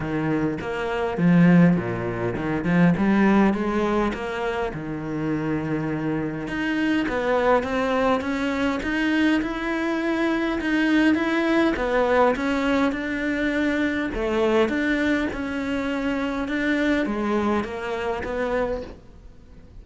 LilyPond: \new Staff \with { instrumentName = "cello" } { \time 4/4 \tempo 4 = 102 dis4 ais4 f4 ais,4 | dis8 f8 g4 gis4 ais4 | dis2. dis'4 | b4 c'4 cis'4 dis'4 |
e'2 dis'4 e'4 | b4 cis'4 d'2 | a4 d'4 cis'2 | d'4 gis4 ais4 b4 | }